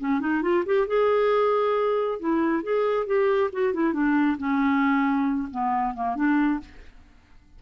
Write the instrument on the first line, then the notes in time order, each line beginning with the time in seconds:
clarinet
0.00 C#4
0.20 D#4
0.42 F4
0.66 G4
0.88 G#4
2.20 E4
2.63 G#4
3.07 G4
3.53 F#4
3.74 E4
3.93 D4
4.38 C#4
5.51 B3
5.95 A#3
6.16 D4